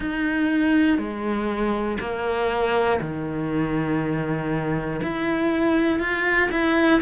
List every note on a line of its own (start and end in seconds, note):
0.00 0.97 D#4
0.98 1.98 G#3
2.00 3.00 A#3
3.00 5.00 D#3
5.02 5.99 E4
5.99 6.49 F4
6.50 7.00 E4